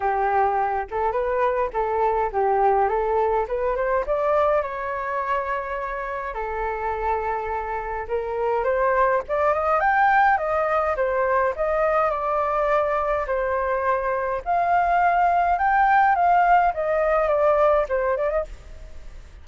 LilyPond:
\new Staff \with { instrumentName = "flute" } { \time 4/4 \tempo 4 = 104 g'4. a'8 b'4 a'4 | g'4 a'4 b'8 c''8 d''4 | cis''2. a'4~ | a'2 ais'4 c''4 |
d''8 dis''8 g''4 dis''4 c''4 | dis''4 d''2 c''4~ | c''4 f''2 g''4 | f''4 dis''4 d''4 c''8 d''16 dis''16 | }